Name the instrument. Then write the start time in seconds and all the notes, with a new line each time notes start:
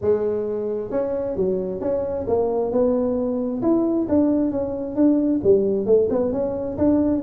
tuba
0.01 G#3
0.90 C#4
1.36 F#3
1.80 C#4
2.27 A#3
2.71 B3
3.62 E4
4.08 D4
4.51 C#4
4.95 D4
5.43 G3
5.86 A3
6.10 B3
6.32 C#4
6.77 D4